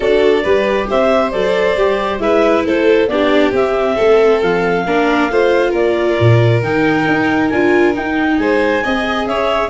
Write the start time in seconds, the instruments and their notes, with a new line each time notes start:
0.00 tuba D4, viola F#4, violin A4, clarinet D5
0.43 tuba G3, viola G4, violin B4
0.89 tuba C4, violin C5, clarinet E5
1.31 tuba F#3, viola A4, clarinet D5
1.76 tuba G3, viola G4
2.19 tuba G#3, viola E4, violin B4, clarinet E5
2.65 tuba A3, violin A4, clarinet C5
3.07 tuba B3, viola D4, violin G4, clarinet D5
3.52 tuba C4, viola C4, clarinet E5
3.95 tuba A3, violin A4
4.41 tuba F3, clarinet F5
4.85 tuba A#3, viola D4, violin A#4
5.29 tuba A3, viola F4, violin C5
5.70 tuba A#3, violin A#4, clarinet D5
6.19 tuba A#2
6.62 tuba D#3, viola D#4, clarinet G5
7.08 tuba D#4
7.49 tuba D4, viola F4, clarinet G#5
7.93 viola D#4, tuba D#4, clarinet G5
8.38 tuba G#3, violin C5, clarinet G#5
8.83 tuba C4, viola G#4, violin D#5
9.26 tuba C#4, violin C#5, clarinet E5